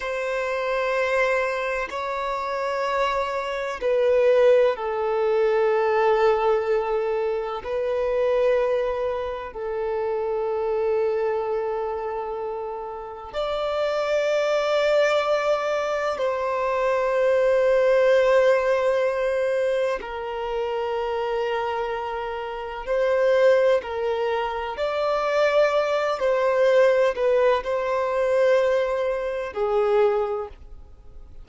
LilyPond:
\new Staff \with { instrumentName = "violin" } { \time 4/4 \tempo 4 = 63 c''2 cis''2 | b'4 a'2. | b'2 a'2~ | a'2 d''2~ |
d''4 c''2.~ | c''4 ais'2. | c''4 ais'4 d''4. c''8~ | c''8 b'8 c''2 gis'4 | }